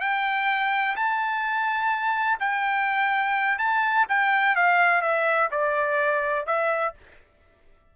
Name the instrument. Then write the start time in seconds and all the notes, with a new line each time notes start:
trumpet
0.00 G5
0.96 A5
2.39 G5
3.58 A5
4.09 G5
4.55 F5
5.02 E5
5.51 D5
6.46 E5